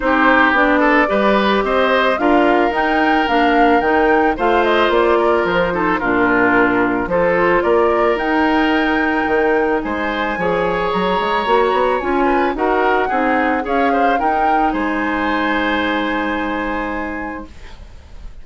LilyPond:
<<
  \new Staff \with { instrumentName = "flute" } { \time 4/4 \tempo 4 = 110 c''4 d''2 dis''4 | f''4 g''4 f''4 g''4 | f''8 dis''8 d''4 c''4 ais'4~ | ais'4 c''4 d''4 g''4~ |
g''2 gis''2 | ais''2 gis''4 fis''4~ | fis''4 f''4 g''4 gis''4~ | gis''1 | }
  \new Staff \with { instrumentName = "oboe" } { \time 4/4 g'4. a'8 b'4 c''4 | ais'1 | c''4. ais'4 a'8 f'4~ | f'4 a'4 ais'2~ |
ais'2 c''4 cis''4~ | cis''2~ cis''8 b'8 ais'4 | gis'4 cis''8 c''8 ais'4 c''4~ | c''1 | }
  \new Staff \with { instrumentName = "clarinet" } { \time 4/4 dis'4 d'4 g'2 | f'4 dis'4 d'4 dis'4 | f'2~ f'8 dis'8 d'4~ | d'4 f'2 dis'4~ |
dis'2. gis'4~ | gis'4 fis'4 f'4 fis'4 | dis'4 gis'4 dis'2~ | dis'1 | }
  \new Staff \with { instrumentName = "bassoon" } { \time 4/4 c'4 b4 g4 c'4 | d'4 dis'4 ais4 dis4 | a4 ais4 f4 ais,4~ | ais,4 f4 ais4 dis'4~ |
dis'4 dis4 gis4 f4 | fis8 gis8 ais8 b8 cis'4 dis'4 | c'4 cis'4 dis'4 gis4~ | gis1 | }
>>